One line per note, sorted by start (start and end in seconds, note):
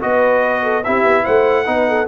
0.00 0.86 B3
0.00 0.83 F#4
0.00 0.63 B4
0.00 0.84 D#5
0.63 0.84 A4
0.84 1.04 C4
0.84 1.65 E4
0.84 1.23 G4
0.84 1.25 E5
1.04 1.24 B3
1.23 1.67 A3
1.23 1.64 C5
1.23 2.08 F#5
1.65 2.08 B3
1.65 2.07 D#4
1.65 1.89 B4
1.89 2.08 A4